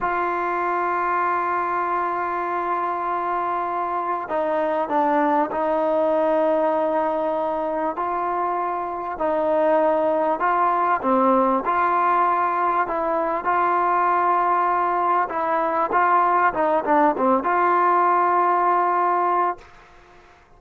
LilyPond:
\new Staff \with { instrumentName = "trombone" } { \time 4/4 \tempo 4 = 98 f'1~ | f'2. dis'4 | d'4 dis'2.~ | dis'4 f'2 dis'4~ |
dis'4 f'4 c'4 f'4~ | f'4 e'4 f'2~ | f'4 e'4 f'4 dis'8 d'8 | c'8 f'2.~ f'8 | }